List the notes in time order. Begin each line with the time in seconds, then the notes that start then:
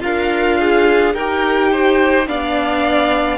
0.00 D4 F4 A#4 F5
0.59 G#4
1.14 D#4 G4 A#4 G5
1.72 C5
2.26 B3 D4 D5 F5